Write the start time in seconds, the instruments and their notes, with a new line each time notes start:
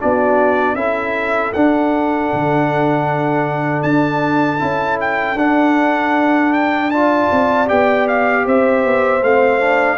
0.00 tuba B3, trombone D4, horn F#4, trumpet D5
0.75 tuba C#4, trombone E4, horn A4, trumpet E5
1.54 tuba D4, trombone D4, trumpet F#5
2.34 tuba D3
3.83 tuba D4, trumpet A5
4.60 tuba C#4, trombone E4
5.01 trumpet G5
5.35 tuba D4, trombone D4, trumpet F#5
6.53 trumpet G5
6.91 trombone F4, horn D5, trumpet A5
7.32 tuba C4
7.67 tuba B3, trombone G4, trumpet G5
8.08 trumpet F5
8.46 tuba C4, horn C5, trumpet E5
8.85 tuba B3
9.23 tuba A3, trombone C4, trumpet F5
9.60 trombone D4